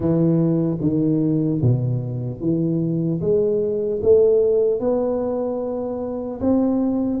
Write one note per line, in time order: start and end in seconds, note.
0.00 0.77 E3
0.80 1.60 D#3
1.61 2.40 B2
2.40 3.20 E3
3.20 4.00 G#3
4.02 4.80 A3
4.80 6.40 B3
6.40 7.20 C4